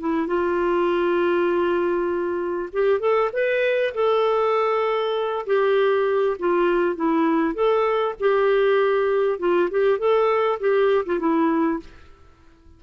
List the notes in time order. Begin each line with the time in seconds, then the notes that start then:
0.00 E4
0.27 F4
2.73 G4
3.00 A4
3.33 B4
3.94 A4
5.46 G4
6.39 F4
6.96 E4
7.54 A4
8.20 G4
9.39 F4
9.71 G4
9.99 A4
10.60 G4
11.06 F4
11.20 E4